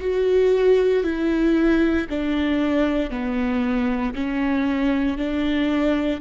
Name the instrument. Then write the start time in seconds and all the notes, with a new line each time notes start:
viola
0.00 F#4
1.03 E4
2.09 D4
3.10 B3
4.14 C#4
5.17 D4